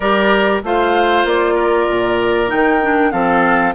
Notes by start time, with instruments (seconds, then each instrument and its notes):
0.00 bassoon G3, clarinet G4, oboe A#4, flute D5
0.63 bassoon A3, clarinet F4, oboe C5, flute F5
1.24 bassoon A#3, flute D5
1.54 oboe A#4
1.89 bassoon A#2
2.47 bassoon D#3, clarinet D#4, flute G5
2.82 clarinet D4
3.11 bassoon F3, clarinet C4, oboe A4, flute F5